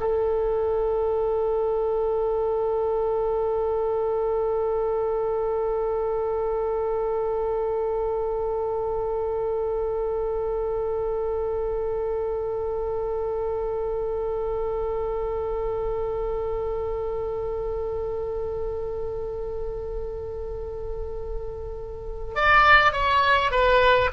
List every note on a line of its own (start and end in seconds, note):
0.00 22.35 A4
22.35 22.93 D5
22.93 23.51 C#5
23.51 24.10 B4